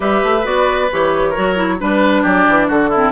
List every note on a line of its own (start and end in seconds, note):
0.00 0.22 G3
0.00 0.43 G4
0.00 1.29 B4
0.00 0.45 E5
0.23 0.44 A3
0.43 0.89 B3
0.43 0.88 F#4
0.43 0.90 D5
0.91 1.37 E3
0.91 1.35 G4
0.91 1.81 C#5
1.29 1.56 F#4
1.29 1.74 A#4
1.37 1.81 F#3
1.56 1.78 E4
1.79 2.24 G3
1.79 2.91 D4
1.79 2.22 B4
1.79 2.24 B4
2.22 2.47 F#3
2.22 2.67 G4
2.22 2.69 D5
2.48 2.69 E3
2.68 3.11 D3
2.68 2.89 F#4
2.68 3.11 A4
2.89 3.11 C4
2.89 3.11 E4